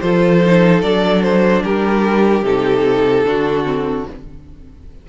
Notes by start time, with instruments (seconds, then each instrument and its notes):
0.00 cello F3, viola F4, violin A4 C5
0.44 viola D#4
0.82 cello F#3, viola D4, violin D5
1.22 violin C5
1.63 cello G3, violin G4 A#4
2.43 cello C3, viola D#4, violin A4
3.25 cello D3, viola D4, violin F#4
3.64 viola C4